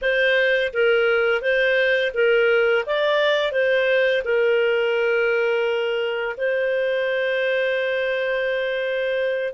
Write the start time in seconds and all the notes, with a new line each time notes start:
0.01 C5
0.73 A#4
1.41 C5
2.14 A#4
2.86 D5
3.51 C5
4.24 A#4
6.37 C5